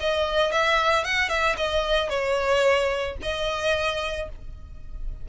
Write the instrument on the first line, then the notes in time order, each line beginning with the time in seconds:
violin
0.00 D#5
0.52 E5
1.04 F#5
1.29 E5
1.57 D#5
2.09 C#5
3.22 D#5